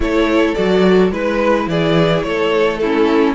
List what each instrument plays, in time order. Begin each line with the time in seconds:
0.00 cello A3, viola E4, violin A4 C#5
0.54 cello F#3, viola F#4, violin D5
1.11 cello G#3, viola E4, violin B4
1.66 cello E3, violin G#4 D5
2.23 cello A3, violin A4 C#5
2.77 violin E4 A4
2.83 viola C#4